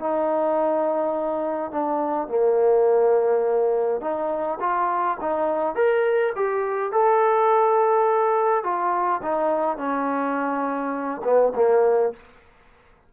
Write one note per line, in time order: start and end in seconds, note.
0.00 1.72 D#4
1.72 2.28 D4
2.28 4.01 A#3
4.01 4.59 D#4
4.60 5.18 F4
5.21 5.76 D#4
5.76 6.33 A#4
6.36 6.92 G4
6.92 8.64 A4
8.64 9.22 F4
9.23 9.78 D#4
9.78 11.22 C#4
11.24 11.53 B3
11.55 12.13 A#3